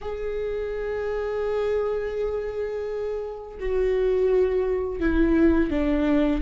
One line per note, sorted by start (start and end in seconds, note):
0.01 3.58 G#4
3.59 5.00 F#4
5.00 5.70 E4
5.70 6.41 D4